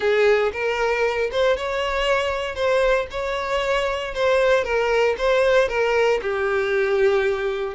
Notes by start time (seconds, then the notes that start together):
0.00 G#4
0.52 A#4
1.31 C5
1.57 C#5
2.55 C5
3.10 C#5
4.14 C5
4.63 A#4
5.17 C5
5.68 A#4
6.22 G4